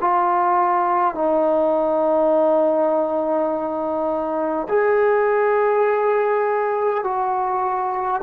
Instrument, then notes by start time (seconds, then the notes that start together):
trombone
0.00 F4
1.14 D#4
4.68 G#4
7.03 F#4